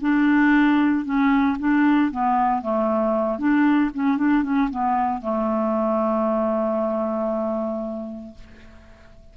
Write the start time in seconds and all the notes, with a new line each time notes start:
0.00 D4
1.04 C#4
1.59 D4
2.11 B3
2.61 A3
3.38 D4
3.94 C#4
4.17 D4
4.43 C#4
4.70 B3
5.21 A3